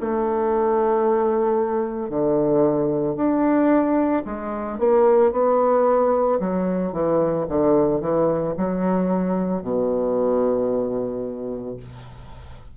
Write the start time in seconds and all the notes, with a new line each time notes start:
0.00 A3
2.09 D3
3.16 D4
4.25 G#3
4.78 A#3
5.32 B3
6.39 F#3
6.92 E3
7.49 D3
8.00 E3
8.57 F#3
9.62 B2